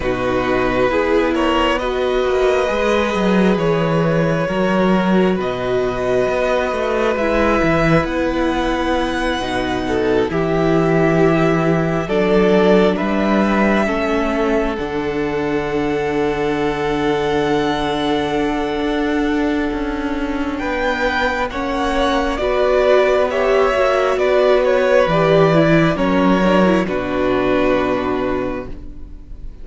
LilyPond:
<<
  \new Staff \with { instrumentName = "violin" } { \time 4/4 \tempo 4 = 67 b'4. cis''8 dis''2 | cis''2 dis''2 | e''4 fis''2~ fis''8 e''8~ | e''4. d''4 e''4.~ |
e''8 fis''2.~ fis''8~ | fis''2. g''4 | fis''4 d''4 e''4 d''8 cis''8 | d''4 cis''4 b'2 | }
  \new Staff \with { instrumentName = "violin" } { \time 4/4 fis'4 gis'8 ais'8 b'2~ | b'4 ais'4 b'2~ | b'2. a'8 g'8~ | g'4. a'4 b'4 a'8~ |
a'1~ | a'2. b'4 | cis''4 b'4 cis''4 b'4~ | b'4 ais'4 fis'2 | }
  \new Staff \with { instrumentName = "viola" } { \time 4/4 dis'4 e'4 fis'4 gis'4~ | gis'4 fis'2. | e'2~ e'8 dis'4 e'8~ | e'4. d'2 cis'8~ |
cis'8 d'2.~ d'8~ | d'1 | cis'4 fis'4 g'8 fis'4. | g'8 e'8 cis'8 d'16 e'16 d'2 | }
  \new Staff \with { instrumentName = "cello" } { \time 4/4 b,4 b4. ais8 gis8 fis8 | e4 fis4 b,4 b8 a8 | gis8 e8 b4. b,4 e8~ | e4. fis4 g4 a8~ |
a8 d2.~ d8~ | d4 d'4 cis'4 b4 | ais4 b4. ais8 b4 | e4 fis4 b,2 | }
>>